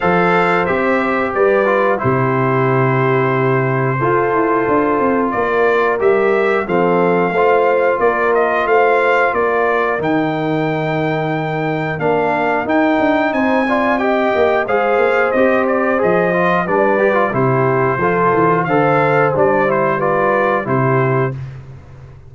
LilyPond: <<
  \new Staff \with { instrumentName = "trumpet" } { \time 4/4 \tempo 4 = 90 f''4 e''4 d''4 c''4~ | c''1 | d''4 e''4 f''2 | d''8 dis''8 f''4 d''4 g''4~ |
g''2 f''4 g''4 | gis''4 g''4 f''4 dis''8 d''8 | dis''4 d''4 c''2 | f''4 d''8 c''8 d''4 c''4 | }
  \new Staff \with { instrumentName = "horn" } { \time 4/4 c''2 b'4 g'4~ | g'2 a'2 | ais'2 a'4 c''4 | ais'4 c''4 ais'2~ |
ais'1 | c''8 d''8 dis''4 c''2~ | c''4 b'4 g'4 a'4 | c''2 b'4 g'4 | }
  \new Staff \with { instrumentName = "trombone" } { \time 4/4 a'4 g'4. f'8 e'4~ | e'2 f'2~ | f'4 g'4 c'4 f'4~ | f'2. dis'4~ |
dis'2 d'4 dis'4~ | dis'8 f'8 g'4 gis'4 g'4 | gis'8 f'8 d'8 g'16 f'16 e'4 f'4 | a'4 d'8 e'8 f'4 e'4 | }
  \new Staff \with { instrumentName = "tuba" } { \time 4/4 f4 c'4 g4 c4~ | c2 f'8 e'8 d'8 c'8 | ais4 g4 f4 a4 | ais4 a4 ais4 dis4~ |
dis2 ais4 dis'8 d'8 | c'4. ais8 gis8 ais8 c'4 | f4 g4 c4 f8 e8 | d4 g2 c4 | }
>>